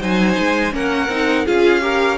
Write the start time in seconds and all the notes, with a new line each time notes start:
0.00 F#3 D#4 C5 G#5
0.39 G#3
0.71 A#3 C#4 A#4 F#5
1.09 C4 D#4
1.45 C#4 F4 G#4 F5
1.81 G4 A#4